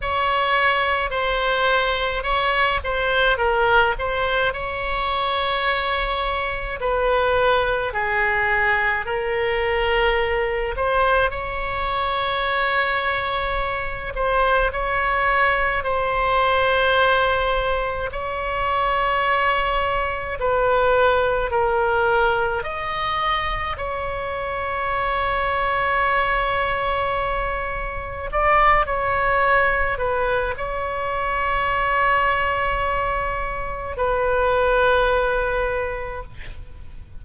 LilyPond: \new Staff \with { instrumentName = "oboe" } { \time 4/4 \tempo 4 = 53 cis''4 c''4 cis''8 c''8 ais'8 c''8 | cis''2 b'4 gis'4 | ais'4. c''8 cis''2~ | cis''8 c''8 cis''4 c''2 |
cis''2 b'4 ais'4 | dis''4 cis''2.~ | cis''4 d''8 cis''4 b'8 cis''4~ | cis''2 b'2 | }